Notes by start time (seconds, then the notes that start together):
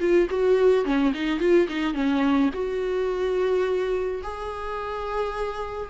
0.00 F4
0.30 F#4
0.85 C#4
1.14 D#4
1.40 F4
1.68 D#4
1.94 C#4
2.54 F#4
4.23 G#4